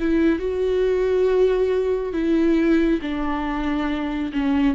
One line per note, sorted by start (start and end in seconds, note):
0.00 0.39 E4
0.39 2.13 F#4
2.13 3.00 E4
3.02 4.32 D4
4.33 4.75 C#4